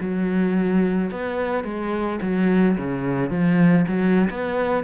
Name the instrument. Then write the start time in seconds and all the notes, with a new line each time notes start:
cello
0.00 F#3
1.10 B3
1.64 G#3
2.21 F#3
2.77 C#3
3.30 F3
3.87 F#3
4.30 B3